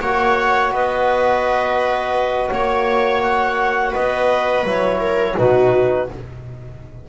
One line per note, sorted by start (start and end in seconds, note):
0.00 0.71 A#3
0.00 4.65 F#4
0.00 0.72 C#5
0.00 0.72 F#5
0.71 2.49 B3
0.71 2.51 B4
0.71 2.50 D#5
2.50 3.94 A#3
2.50 3.21 C#5
2.50 3.91 C#5
3.22 3.94 F#5
3.91 4.63 B3
3.91 4.98 B4
3.91 4.65 D#5
4.63 5.35 F#3
4.63 5.37 E4
4.63 5.37 C#5
4.99 5.35 A#4
5.37 6.09 B2
5.37 6.08 D#4
5.37 6.08 F#4
5.37 6.09 B4